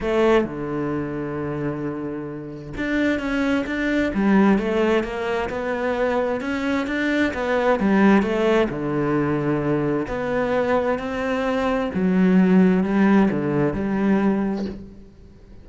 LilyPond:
\new Staff \with { instrumentName = "cello" } { \time 4/4 \tempo 4 = 131 a4 d2.~ | d2 d'4 cis'4 | d'4 g4 a4 ais4 | b2 cis'4 d'4 |
b4 g4 a4 d4~ | d2 b2 | c'2 fis2 | g4 d4 g2 | }